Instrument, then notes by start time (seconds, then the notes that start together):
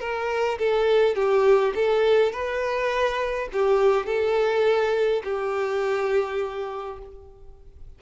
violin
0.00 A#4
0.59 A4
1.15 G4
1.75 A4
2.32 B4
3.53 G4
4.06 A4
5.24 G4